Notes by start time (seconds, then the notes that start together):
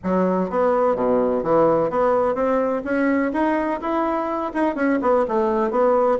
0.03 F#3
0.50 B3
0.95 B2
1.43 E3
1.90 B3
2.35 C4
2.84 C#4
3.32 D#4
3.81 E4
4.53 D#4
4.75 C#4
5.01 B3
5.27 A3
5.70 B3